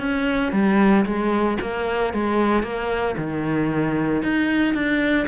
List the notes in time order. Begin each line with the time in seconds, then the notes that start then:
0.00 C#4
0.53 G3
1.06 G#3
1.61 A#3
2.14 G#3
2.63 A#3
3.18 D#3
4.23 D#4
4.74 D4